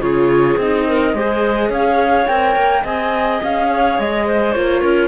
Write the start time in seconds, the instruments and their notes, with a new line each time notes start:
0.00 cello C#3, viola F4, clarinet G#4, flute C#5
0.58 cello C4, viola D#4, flute D#5
0.87 clarinet A#4
1.14 cello G#3, viola G#4, clarinet C5
1.70 cello C#4, clarinet C#5, flute F5
2.27 cello C4, viola A#4, flute G5
2.56 cello A#3
2.83 cello C4, viola G#4, clarinet D#5, flute G#5
3.43 cello C#4, flute F5
3.69 clarinet C#5
3.99 cello G#3, flute D#5
4.26 clarinet C5
4.52 cello A#3, viola F4, flute C#5
4.81 cello C#4, clarinet A#4